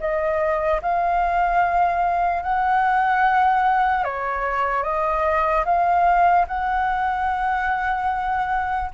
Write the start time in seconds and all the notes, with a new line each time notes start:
0.00 D#5
0.82 F5
2.43 F#5
4.04 C#5
4.84 D#5
5.65 F5
6.48 F#5